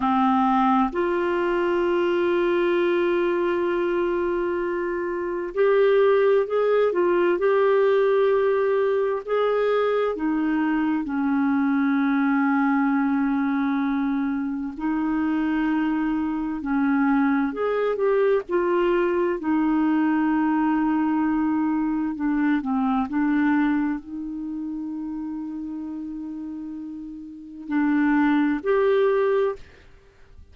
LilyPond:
\new Staff \with { instrumentName = "clarinet" } { \time 4/4 \tempo 4 = 65 c'4 f'2.~ | f'2 g'4 gis'8 f'8 | g'2 gis'4 dis'4 | cis'1 |
dis'2 cis'4 gis'8 g'8 | f'4 dis'2. | d'8 c'8 d'4 dis'2~ | dis'2 d'4 g'4 | }